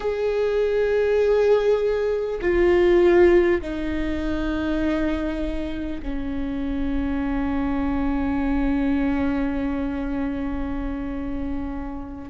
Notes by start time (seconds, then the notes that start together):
0.00 G#4
2.41 F4
3.61 D#4
6.02 C#4